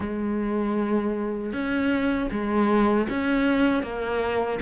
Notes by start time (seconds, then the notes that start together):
0.00 G#3
1.52 C#4
2.31 G#3
3.09 C#4
3.82 A#3